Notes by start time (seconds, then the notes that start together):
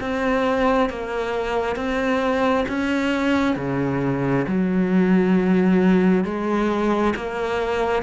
0.00 C4
0.89 A#3
1.75 C4
2.68 C#4
3.55 C#3
4.47 F#3
6.24 G#3
7.16 A#3